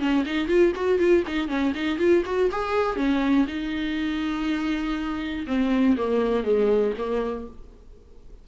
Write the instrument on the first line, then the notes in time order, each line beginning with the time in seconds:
viola
0.00 C#4
0.26 D#4
0.48 F4
0.76 F#4
1.00 F4
1.28 D#4
1.49 C#4
1.75 D#4
1.99 F4
2.26 F#4
2.52 G#4
2.97 C#4
3.48 D#4
5.48 C4
5.98 A#3
6.44 G#3
6.98 A#3